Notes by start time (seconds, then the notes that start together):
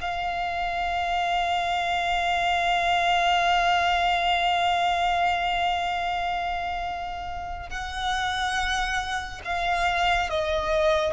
0.00 F5
7.69 F#5
9.44 F5
10.29 D#5